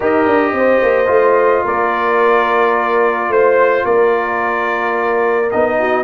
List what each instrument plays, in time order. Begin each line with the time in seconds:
0.00 tuba D#4, trombone G4, horn A#4, trumpet D#5
0.25 tuba D4
0.52 tuba C4, horn C5
0.82 tuba A#3
1.06 tuba A3, trombone F4
1.65 tuba A#3, horn A#4, trumpet D5
3.29 tuba A3, horn C5, trumpet C5
3.85 tuba A#3, horn A#4, trumpet D5
5.51 tuba B3, trombone D#4, trumpet D#5
5.79 horn F#4